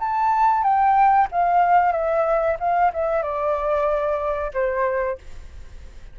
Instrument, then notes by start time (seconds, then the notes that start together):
flute
0.00 A5
0.64 G5
1.32 F5
1.93 E5
2.60 F5
2.94 E5
3.23 D5
4.54 C5